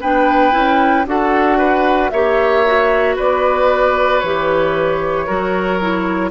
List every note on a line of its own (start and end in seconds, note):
0.00 0.54 B3
0.00 0.52 D4
0.00 1.05 B4
0.00 1.07 G5
0.52 1.06 C#4
0.52 1.04 E4
1.06 2.11 D4
1.06 2.12 F#4
1.06 1.58 A4
1.06 2.10 F#5
1.58 2.10 B4
2.10 3.17 A#3
2.10 2.66 G4
2.10 3.15 C#5
2.10 3.15 E5
2.66 4.24 F#4
3.15 4.23 B3
3.15 5.26 B4
3.15 4.19 D5
4.19 5.28 E3
4.19 5.27 G4
4.19 6.30 C#5
5.26 6.30 F#3
5.26 5.80 F#4
5.26 6.30 A#4
5.81 6.30 E4